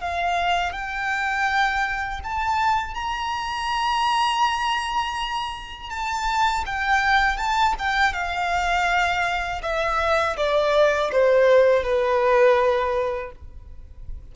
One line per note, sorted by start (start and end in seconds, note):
0.00 0.72 F5
0.72 2.21 G5
2.24 2.94 A5
2.94 5.90 A#5
5.90 6.64 A5
6.66 7.37 G5
7.37 7.74 A5
7.79 8.13 G5
8.13 9.61 F5
9.62 10.36 E5
10.36 11.10 D5
11.12 11.83 C5
11.83 13.31 B4